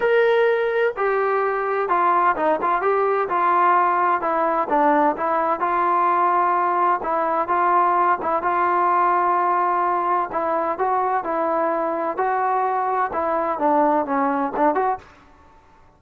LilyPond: \new Staff \with { instrumentName = "trombone" } { \time 4/4 \tempo 4 = 128 ais'2 g'2 | f'4 dis'8 f'8 g'4 f'4~ | f'4 e'4 d'4 e'4 | f'2. e'4 |
f'4. e'8 f'2~ | f'2 e'4 fis'4 | e'2 fis'2 | e'4 d'4 cis'4 d'8 fis'8 | }